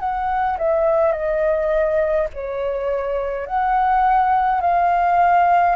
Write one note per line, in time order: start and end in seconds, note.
0.00 0.58 F#5
0.58 1.12 E5
1.12 2.28 D#5
2.34 3.47 C#5
3.47 4.61 F#5
4.61 5.76 F5